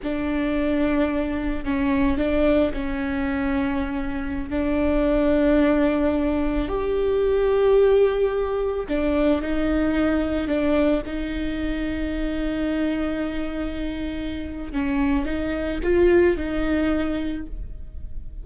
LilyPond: \new Staff \with { instrumentName = "viola" } { \time 4/4 \tempo 4 = 110 d'2. cis'4 | d'4 cis'2.~ | cis'16 d'2.~ d'8.~ | d'16 g'2.~ g'8.~ |
g'16 d'4 dis'2 d'8.~ | d'16 dis'2.~ dis'8.~ | dis'2. cis'4 | dis'4 f'4 dis'2 | }